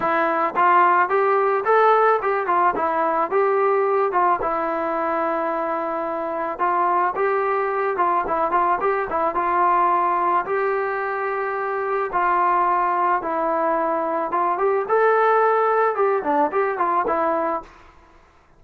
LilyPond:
\new Staff \with { instrumentName = "trombone" } { \time 4/4 \tempo 4 = 109 e'4 f'4 g'4 a'4 | g'8 f'8 e'4 g'4. f'8 | e'1 | f'4 g'4. f'8 e'8 f'8 |
g'8 e'8 f'2 g'4~ | g'2 f'2 | e'2 f'8 g'8 a'4~ | a'4 g'8 d'8 g'8 f'8 e'4 | }